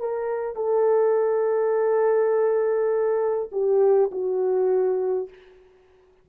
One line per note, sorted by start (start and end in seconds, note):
0.00 0.56 A#4
0.56 3.50 A4
3.52 4.11 G4
4.12 5.29 F#4